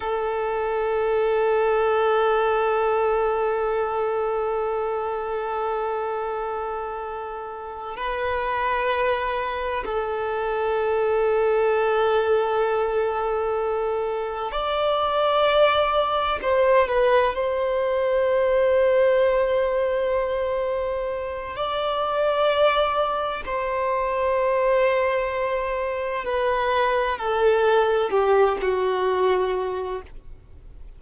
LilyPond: \new Staff \with { instrumentName = "violin" } { \time 4/4 \tempo 4 = 64 a'1~ | a'1~ | a'8 b'2 a'4.~ | a'2.~ a'8 d''8~ |
d''4. c''8 b'8 c''4.~ | c''2. d''4~ | d''4 c''2. | b'4 a'4 g'8 fis'4. | }